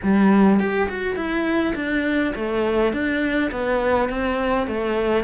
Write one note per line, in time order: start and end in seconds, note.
0.03 0.59 G3
0.59 0.88 G4
0.89 1.15 F#4
1.15 1.74 E4
1.75 2.33 D4
2.35 2.92 A3
2.92 3.51 D4
3.51 4.09 B3
4.09 4.67 C4
4.67 5.24 A3